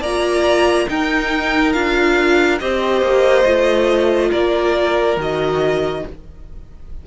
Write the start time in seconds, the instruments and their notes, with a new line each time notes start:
0.00 cello A#3, viola F4, violin D5 A#5
0.88 viola D#4, cello D#4, violin A#4 G5
1.72 cello D4, viola F4, violin F5
2.59 cello C4, viola G4, violin C5 D#5
3.01 cello A#3
3.45 cello A3, viola F4
4.29 cello A#3, violin A#4 D5
5.17 cello D#3, viola F#4, violin D#5